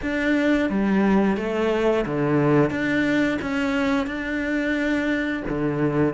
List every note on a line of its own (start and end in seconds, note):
0.02 0.69 D4
0.69 1.36 G3
1.36 2.05 A3
2.05 2.70 D3
2.70 3.38 D4
3.41 4.06 C#4
4.06 5.43 D4
5.48 6.13 D3